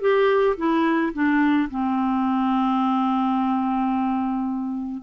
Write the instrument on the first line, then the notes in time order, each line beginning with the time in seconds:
clarinet
0.00 G4
0.57 E4
1.13 D4
1.70 C4